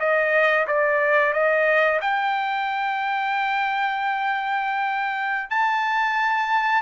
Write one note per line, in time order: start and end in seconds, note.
0.00 0.67 D#5
0.68 1.34 D5
1.34 2.00 D#5
2.01 5.51 G5
5.51 6.82 A5